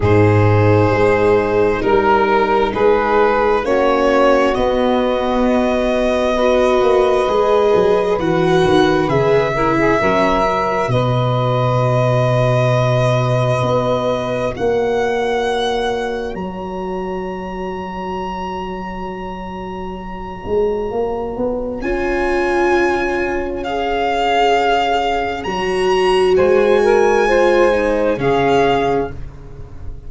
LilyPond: <<
  \new Staff \with { instrumentName = "violin" } { \time 4/4 \tempo 4 = 66 c''2 ais'4 b'4 | cis''4 dis''2.~ | dis''4 fis''4 e''2 | dis''1 |
fis''2 ais''2~ | ais''1 | gis''2 f''2 | ais''4 gis''2 f''4 | }
  \new Staff \with { instrumentName = "saxophone" } { \time 4/4 gis'2 ais'4 gis'4 | fis'2. b'4~ | b'2~ b'8 ais'16 gis'16 ais'4 | b'1 |
cis''1~ | cis''1~ | cis''1~ | cis''4 c''8 ais'8 c''4 gis'4 | }
  \new Staff \with { instrumentName = "viola" } { \time 4/4 dis'1 | cis'4 b2 fis'4 | gis'4 fis'4 gis'8 e'8 cis'8 fis'8~ | fis'1~ |
fis'1~ | fis'1 | f'2 gis'2 | fis'2 f'8 dis'8 cis'4 | }
  \new Staff \with { instrumentName = "tuba" } { \time 4/4 gis,4 gis4 g4 gis4 | ais4 b2~ b8 ais8 | gis8 fis8 e8 dis8 cis4 fis4 | b,2. b4 |
ais2 fis2~ | fis2~ fis8 gis8 ais8 b8 | cis'1 | fis4 gis2 cis4 | }
>>